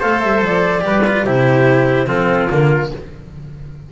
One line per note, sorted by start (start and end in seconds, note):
0.00 0.22 A3
0.00 0.81 A4
0.00 0.83 C5
0.00 0.20 F5
0.20 0.41 G3
0.20 0.40 E5
0.41 0.82 F3
0.41 1.26 D5
0.81 1.25 G3
0.81 1.02 G4
0.81 1.26 B4
1.07 1.26 F4
1.25 2.06 C3
1.25 2.07 E4
1.25 2.08 G4
1.25 2.08 C5
2.06 2.48 F3
2.06 2.48 C4
2.06 2.91 F4
2.06 2.49 A4
2.49 2.92 D3
2.49 2.91 A#3
2.49 2.90 A#4